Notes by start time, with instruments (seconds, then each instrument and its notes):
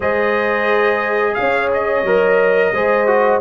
0.00 tuba G#3, trombone G#4, horn C5, trumpet D#5
1.34 tuba C#4, trumpet F5
1.40 horn C#5
1.73 trumpet D#5
2.02 tuba F#3, trombone A#4
2.72 tuba G#3, trombone G#4, horn C5
3.07 trombone F#4